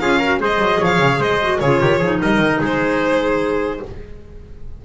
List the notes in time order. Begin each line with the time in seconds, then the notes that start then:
0.00 C#4 F4 G#4 F5
0.19 F#4 A#4
0.40 G#3 G#4 C5 D#5
0.59 F#3
0.80 F3 C#5 F5
0.99 C#3
1.19 G#3 C5 D#5
1.42 F#4
1.60 C#3 F4 G#4 C#5
1.81 D#3 G4
1.99 F3 D#4 G#4
2.22 G3 A#4 D#5
2.39 D#3
2.61 G#3 G#4 C5